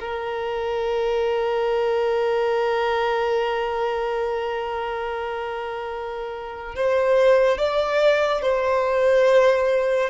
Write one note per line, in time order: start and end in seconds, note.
0.00 6.76 A#4
6.76 7.58 C5
7.58 8.42 D5
8.42 10.10 C5